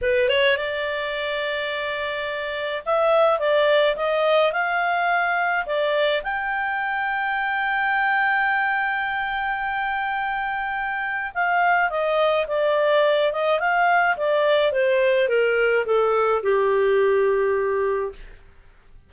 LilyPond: \new Staff \with { instrumentName = "clarinet" } { \time 4/4 \tempo 4 = 106 b'8 cis''8 d''2.~ | d''4 e''4 d''4 dis''4 | f''2 d''4 g''4~ | g''1~ |
g''1 | f''4 dis''4 d''4. dis''8 | f''4 d''4 c''4 ais'4 | a'4 g'2. | }